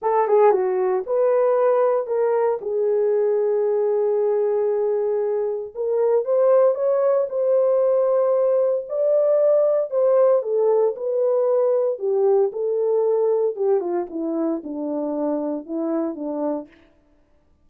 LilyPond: \new Staff \with { instrumentName = "horn" } { \time 4/4 \tempo 4 = 115 a'8 gis'8 fis'4 b'2 | ais'4 gis'2.~ | gis'2. ais'4 | c''4 cis''4 c''2~ |
c''4 d''2 c''4 | a'4 b'2 g'4 | a'2 g'8 f'8 e'4 | d'2 e'4 d'4 | }